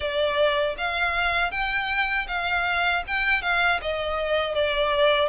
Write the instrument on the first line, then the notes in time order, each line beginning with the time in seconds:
violin
0.00 D5
0.77 F5
1.51 G5
2.28 F5
3.07 G5
3.42 F5
3.81 D#5
4.55 D5